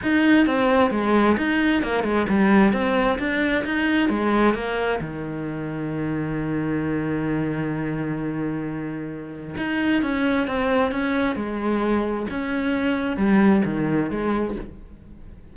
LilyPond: \new Staff \with { instrumentName = "cello" } { \time 4/4 \tempo 4 = 132 dis'4 c'4 gis4 dis'4 | ais8 gis8 g4 c'4 d'4 | dis'4 gis4 ais4 dis4~ | dis1~ |
dis1~ | dis4 dis'4 cis'4 c'4 | cis'4 gis2 cis'4~ | cis'4 g4 dis4 gis4 | }